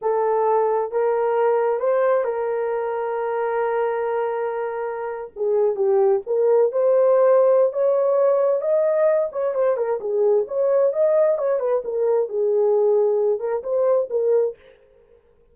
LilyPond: \new Staff \with { instrumentName = "horn" } { \time 4/4 \tempo 4 = 132 a'2 ais'2 | c''4 ais'2.~ | ais'2.~ ais'8. gis'16~ | gis'8. g'4 ais'4 c''4~ c''16~ |
c''4 cis''2 dis''4~ | dis''8 cis''8 c''8 ais'8 gis'4 cis''4 | dis''4 cis''8 b'8 ais'4 gis'4~ | gis'4. ais'8 c''4 ais'4 | }